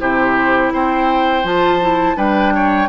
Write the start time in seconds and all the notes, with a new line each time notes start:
0.00 C3 E4 G4 C5
0.73 C4 C5 G5
1.44 F3 F4 A5
1.81 E4
2.16 G3 D4 B4 G5
2.55 C#5